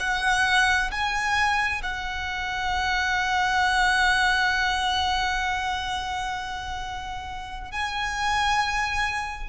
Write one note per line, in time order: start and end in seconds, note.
0.00 0.91 F#5
0.91 1.82 G#5
1.83 7.72 F#5
7.72 9.50 G#5